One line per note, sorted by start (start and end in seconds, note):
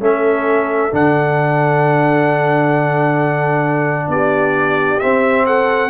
0.00 0.91 A3
0.00 0.92 C#4
0.00 4.10 A4
0.00 0.95 E5
0.92 4.08 D3
0.92 5.01 D4
0.92 4.11 F#5
4.08 4.99 B3
4.08 5.46 G4
4.08 5.00 D5
5.00 5.91 C4
5.00 5.45 E5
5.46 5.91 A4
5.46 5.91 F#5